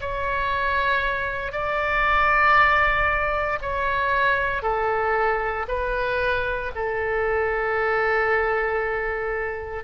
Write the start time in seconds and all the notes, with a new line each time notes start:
0.00 C#5
1.52 D5
3.62 C#5
4.62 A4
5.68 B4
6.75 A4